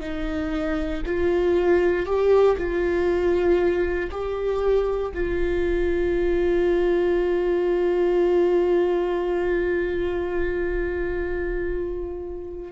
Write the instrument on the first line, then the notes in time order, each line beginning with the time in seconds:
viola
0.00 D#4
1.06 F4
2.06 G4
2.57 F4
4.10 G4
5.14 F4